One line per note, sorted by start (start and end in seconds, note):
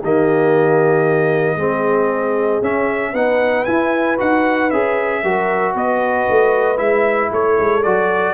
0.00 1.56 D#3
0.00 1.58 A#3
0.00 1.57 G4
0.00 2.63 D#5
1.56 2.60 G#3
1.56 2.62 C4
1.56 3.12 G#4
2.61 3.13 C#4
2.61 3.14 C#4
2.61 3.15 E5
3.12 3.65 B3
3.12 3.66 D#4
3.12 5.21 B4
3.12 3.64 F#5
3.64 4.17 E4
3.64 4.19 E4
3.64 4.16 G#5
4.17 4.72 D#4
4.17 4.69 F#4
4.17 4.70 F#5
4.70 5.23 C#4
4.70 5.24 G#4
4.70 5.74 E5
5.22 5.75 F#3
5.22 6.77 F#4
5.22 5.73 A#4
5.73 6.27 B3
5.73 7.30 B4
5.73 6.77 D#5
6.29 6.78 A3
6.77 7.30 G#3
6.77 7.81 E4
6.77 7.29 E5
7.32 7.58 A3
7.32 8.33 A4
7.32 7.83 C#5
7.59 7.85 G#3
7.83 8.33 F#3
7.83 8.33 F#4
7.83 8.33 D5